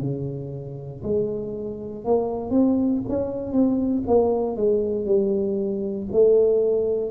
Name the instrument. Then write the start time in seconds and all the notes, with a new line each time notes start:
tuba
0.00 C#3
1.03 G#3
2.04 A#3
2.50 C4
3.08 C#4
3.52 C4
4.07 A#3
4.56 G#3
5.05 G3
6.12 A3